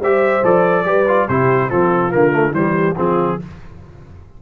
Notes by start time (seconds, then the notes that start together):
0.00 G3 G4 C5 E5
0.43 F3 A4 D5
0.85 G3 G4 B4
1.08 F4
1.28 C3 E4 G4 C5
1.70 F3 C4 F4 A4
2.12 D3 A#3 A#4
2.32 A3
2.52 E3 G3 G4 C5
2.97 F3 C4 F4 G#4